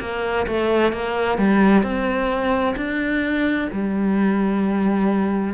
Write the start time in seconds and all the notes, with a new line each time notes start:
0.00 A#3
0.47 A3
0.92 A#3
1.38 G3
1.83 C4
2.76 D4
3.72 G3